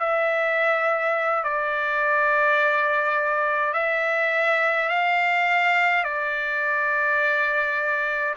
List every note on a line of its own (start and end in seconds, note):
0.00 1.44 E5
1.44 3.73 D5
3.73 4.89 E5
4.89 6.04 F5
6.04 8.35 D5